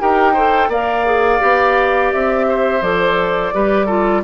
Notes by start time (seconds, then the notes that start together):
0.00 D#4 G4 A#4 G5
0.33 A4 C5
0.69 A#3 A#4 D5 F5
1.06 G#4
1.40 B3 G4
2.13 C4 E5
2.49 C5
2.81 F3 A4 D5
3.54 G3 G4 B4
3.86 F4 A4